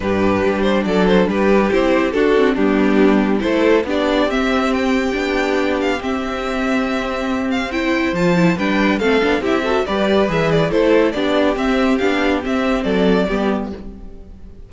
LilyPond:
<<
  \new Staff \with { instrumentName = "violin" } { \time 4/4 \tempo 4 = 140 b'4. c''8 d''8 c''8 b'4 | c''4 a'4 g'2 | c''4 d''4 e''4 g''4~ | g''4. f''8 e''2~ |
e''4. f''8 g''4 a''4 | g''4 f''4 e''4 d''4 | e''8 d''8 c''4 d''4 e''4 | f''4 e''4 d''2 | }
  \new Staff \with { instrumentName = "violin" } { \time 4/4 g'2 a'4 g'4~ | g'4 fis'4 d'2 | a'4 g'2.~ | g'1~ |
g'2 c''2 | b'4 a'4 g'8 a'8 b'4~ | b'4 a'4 g'2~ | g'2 a'4 g'4 | }
  \new Staff \with { instrumentName = "viola" } { \time 4/4 d'1 | e'4 d'8 c'8 b2 | e'4 d'4 c'2 | d'2 c'2~ |
c'2 e'4 f'8 e'8 | d'4 c'8 d'8 e'8 fis'8 g'4 | gis'4 e'4 d'4 c'4 | d'4 c'2 b4 | }
  \new Staff \with { instrumentName = "cello" } { \time 4/4 g,4 g4 fis4 g4 | c'4 d'4 g2 | a4 b4 c'2 | b2 c'2~ |
c'2. f4 | g4 a8 b8 c'4 g4 | e4 a4 b4 c'4 | b4 c'4 fis4 g4 | }
>>